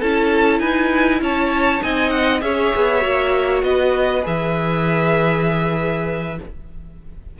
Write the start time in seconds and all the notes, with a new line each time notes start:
0.00 C#4 E4 A4 A5
0.59 D#4 B4 G#5
1.21 C#4 C#5 A5
1.80 C4 D#4 D#5 G#5
2.10 F#5
2.41 C#4 G#4 C#5 E5
2.76 B3
3.00 A#3 F#4
3.63 B3 B4 D#5
4.23 E3 G#4 E5